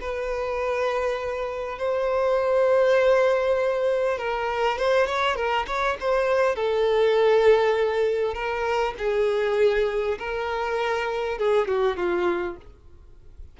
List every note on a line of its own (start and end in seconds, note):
0.00 1.78 B4
1.78 4.18 C5
4.18 4.78 A#4
4.78 5.06 C5
5.06 5.35 C#5
5.35 5.65 A#4
5.67 5.97 C#5
6.00 6.55 C5
6.55 8.34 A4
8.34 8.94 A#4
8.98 10.18 G#4
10.18 11.38 A#4
11.38 11.67 G#4
11.67 11.96 F#4
11.96 12.56 F4